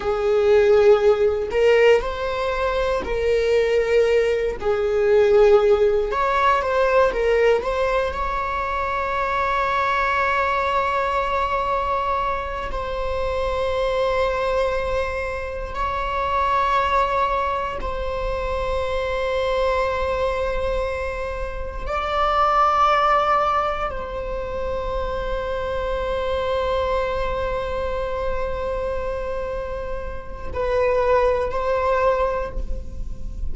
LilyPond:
\new Staff \with { instrumentName = "viola" } { \time 4/4 \tempo 4 = 59 gis'4. ais'8 c''4 ais'4~ | ais'8 gis'4. cis''8 c''8 ais'8 c''8 | cis''1~ | cis''8 c''2. cis''8~ |
cis''4. c''2~ c''8~ | c''4. d''2 c''8~ | c''1~ | c''2 b'4 c''4 | }